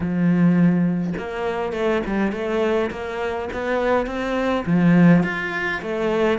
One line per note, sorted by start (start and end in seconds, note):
0.00 1.13 F3
1.18 1.72 A#3
1.72 2.02 A3
2.06 2.32 G3
2.32 2.90 A3
2.90 3.48 A#3
3.52 4.06 B3
4.06 4.64 C4
4.65 5.23 F3
5.23 5.81 F4
5.81 6.38 A3